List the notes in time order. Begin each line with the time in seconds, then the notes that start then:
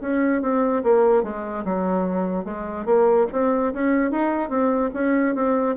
0.00 C#4
0.41 C4
0.83 A#3
1.23 G#3
1.64 F#3
2.44 G#3
2.85 A#3
3.32 C4
3.73 C#4
4.11 D#4
4.49 C4
4.93 C#4
5.34 C4